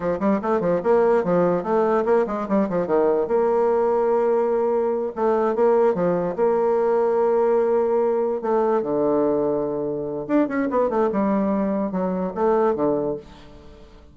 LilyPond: \new Staff \with { instrumentName = "bassoon" } { \time 4/4 \tempo 4 = 146 f8 g8 a8 f8 ais4 f4 | a4 ais8 gis8 g8 f8 dis4 | ais1~ | ais8 a4 ais4 f4 ais8~ |
ais1~ | ais8 a4 d2~ d8~ | d4 d'8 cis'8 b8 a8 g4~ | g4 fis4 a4 d4 | }